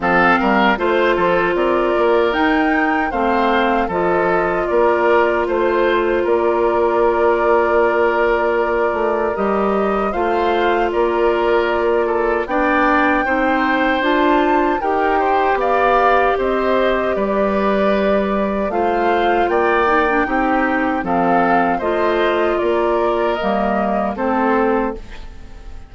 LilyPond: <<
  \new Staff \with { instrumentName = "flute" } { \time 4/4 \tempo 4 = 77 f''4 c''4 d''4 g''4 | f''4 dis''4 d''4 c''4 | d''1 | dis''4 f''4 d''2 |
g''2 a''4 g''4 | f''4 dis''4 d''2 | f''4 g''2 f''4 | dis''4 d''4 dis''4 c''4 | }
  \new Staff \with { instrumentName = "oboe" } { \time 4/4 a'8 ais'8 c''8 a'8 ais'2 | c''4 a'4 ais'4 c''4 | ais'1~ | ais'4 c''4 ais'4. a'8 |
d''4 c''2 ais'8 c''8 | d''4 c''4 b'2 | c''4 d''4 g'4 a'4 | c''4 ais'2 a'4 | }
  \new Staff \with { instrumentName = "clarinet" } { \time 4/4 c'4 f'2 dis'4 | c'4 f'2.~ | f'1 | g'4 f'2. |
d'4 dis'4 f'4 g'4~ | g'1 | f'4. dis'16 d'16 dis'4 c'4 | f'2 ais4 c'4 | }
  \new Staff \with { instrumentName = "bassoon" } { \time 4/4 f8 g8 a8 f8 c'8 ais8 dis'4 | a4 f4 ais4 a4 | ais2.~ ais8 a8 | g4 a4 ais2 |
b4 c'4 d'4 dis'4 | b4 c'4 g2 | a4 ais4 c'4 f4 | a4 ais4 g4 a4 | }
>>